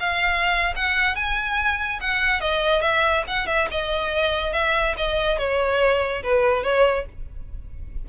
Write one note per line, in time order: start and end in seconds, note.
0.00 0.74 F5
0.76 1.16 F#5
1.16 2.00 G#5
2.01 2.41 F#5
2.41 2.82 D#5
2.82 3.24 E5
3.27 3.47 F#5
3.47 3.68 E5
3.71 4.53 D#5
4.53 4.95 E5
4.97 5.39 D#5
5.39 6.23 C#5
6.23 6.64 B4
6.64 7.06 C#5